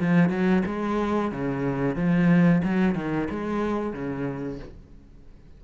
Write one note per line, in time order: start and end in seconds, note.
0.00 0.29 F3
0.29 0.62 F#3
0.66 1.32 G#3
1.32 1.96 C#3
1.96 2.62 F3
2.64 2.95 F#3
2.95 3.28 D#3
3.30 3.93 G#3
3.93 4.59 C#3